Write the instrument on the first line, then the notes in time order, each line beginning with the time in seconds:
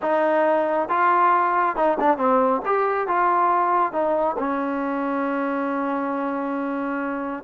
trombone
0.02 D#4
0.88 F4
1.75 D#4
2.00 D4
2.17 C4
2.65 G4
3.07 F4
3.92 D#4
4.38 C#4